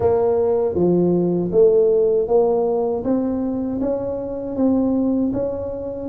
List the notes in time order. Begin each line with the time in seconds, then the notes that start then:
0.00 A#3
0.75 F3
1.51 A3
2.27 A#3
3.03 C4
3.80 C#4
4.56 C4
5.33 C#4